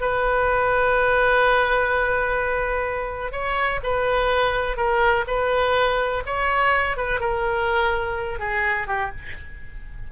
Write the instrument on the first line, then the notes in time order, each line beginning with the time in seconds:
oboe
0.00 B4
3.31 C#5
3.83 B4
4.76 A#4
5.27 B4
6.26 C#5
6.96 B4
7.20 A#4
8.39 G#4
8.87 G4